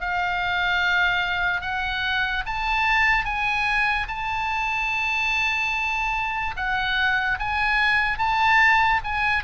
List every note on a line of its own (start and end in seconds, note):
0.00 1.61 F5
1.61 2.43 F#5
2.45 3.24 A5
3.24 4.06 G#5
4.08 6.54 A5
6.56 7.38 F#5
7.39 8.18 G#5
8.18 9.00 A5
9.04 9.43 G#5